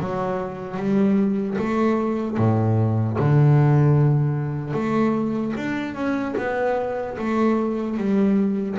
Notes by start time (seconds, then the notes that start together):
0.00 F#3
0.77 G3
1.58 A3
2.37 A2
3.19 D3
4.73 A3
5.57 D4
5.95 C#4
6.37 B3
7.19 A3
7.97 G3